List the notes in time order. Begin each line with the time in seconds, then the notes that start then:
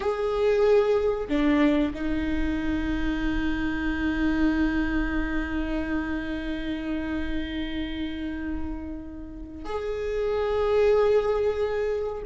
0.00 G#4
1.28 D4
1.94 D#4
9.65 G#4